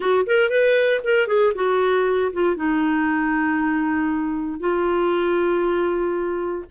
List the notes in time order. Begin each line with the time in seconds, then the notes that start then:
0.00 F#4
0.26 A#4
0.50 B4
1.04 A#4
1.27 G#4
1.55 F#4
2.32 F4
2.55 D#4
4.59 F4